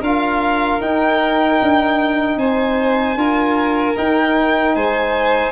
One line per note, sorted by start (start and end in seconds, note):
0.00 0.80 D4
0.00 0.81 F4
0.00 2.37 A#4
0.00 0.81 F5
0.81 1.60 D#4
0.81 3.17 D#4
0.81 2.39 G5
1.62 2.37 D4
2.37 3.16 C4
2.37 3.18 C5
2.37 3.97 G#5
3.16 3.95 D4
3.16 3.95 F4
3.16 4.75 A#4
3.95 5.52 D#4
3.95 4.75 D#4
3.95 4.76 G5
4.75 5.52 G#3
4.75 5.52 C5
4.75 5.52 G#5